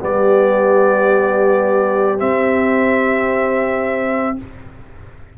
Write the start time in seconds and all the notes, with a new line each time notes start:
0.00 G3 B3 G4 D5
2.18 C4 E5